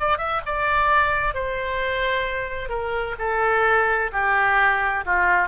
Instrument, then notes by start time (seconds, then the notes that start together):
oboe
0.00 D5
0.18 E5
0.46 D5
1.34 C5
2.69 A#4
3.19 A4
4.12 G4
5.06 F4